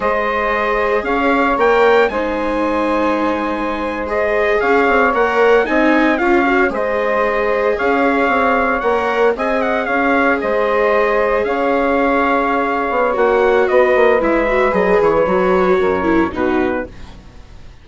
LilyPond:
<<
  \new Staff \with { instrumentName = "trumpet" } { \time 4/4 \tempo 4 = 114 dis''2 f''4 g''4 | gis''2.~ gis''8. dis''16~ | dis''8. f''4 fis''4 gis''4 f''16~ | f''8. dis''2 f''4~ f''16~ |
f''8. fis''4 gis''8 fis''8 f''4 dis''16~ | dis''4.~ dis''16 f''2~ f''16~ | f''4 fis''4 dis''4 e''4 | dis''8 cis''2~ cis''8 b'4 | }
  \new Staff \with { instrumentName = "saxophone" } { \time 4/4 c''2 cis''2 | c''1~ | c''8. cis''2 dis''4 cis''16~ | cis''8. c''2 cis''4~ cis''16~ |
cis''4.~ cis''16 dis''4 cis''4 c''16~ | c''4.~ c''16 cis''2~ cis''16~ | cis''2 b'2~ | b'2 ais'4 fis'4 | }
  \new Staff \with { instrumentName = "viola" } { \time 4/4 gis'2. ais'4 | dis'2.~ dis'8. gis'16~ | gis'4.~ gis'16 ais'4 dis'4 f'16~ | f'16 fis'8 gis'2.~ gis'16~ |
gis'8. ais'4 gis'2~ gis'16~ | gis'1~ | gis'4 fis'2 e'8 fis'8 | gis'4 fis'4. e'8 dis'4 | }
  \new Staff \with { instrumentName = "bassoon" } { \time 4/4 gis2 cis'4 ais4 | gis1~ | gis8. cis'8 c'8 ais4 c'4 cis'16~ | cis'8. gis2 cis'4 c'16~ |
c'8. ais4 c'4 cis'4 gis16~ | gis4.~ gis16 cis'2~ cis'16~ | cis'8 b8 ais4 b8 ais8 gis4 | fis8 e8 fis4 fis,4 b,4 | }
>>